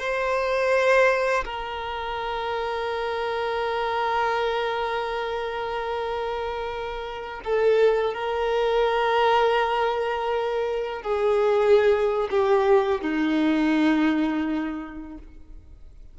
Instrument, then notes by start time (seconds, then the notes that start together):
violin
0.00 C5
1.45 A#4
7.45 A4
8.14 A#4
11.03 G#4
12.31 G4
13.01 D#4